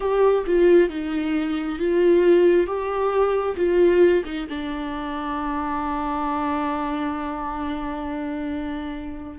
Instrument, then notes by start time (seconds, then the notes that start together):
viola
0.00 G4
0.46 F4
0.90 D#4
1.79 F4
2.66 G4
3.56 F4
4.25 D#4
4.49 D4